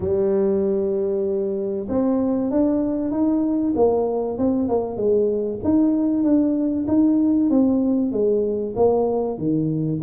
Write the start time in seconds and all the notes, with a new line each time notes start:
0.00 G3
1.89 C4
2.50 D4
3.11 D#4
3.75 A#3
4.38 C4
4.68 A#3
4.96 G#3
5.64 D#4
6.23 D4
6.87 D#4
7.50 C4
8.11 G#3
8.76 A#3
9.38 D#3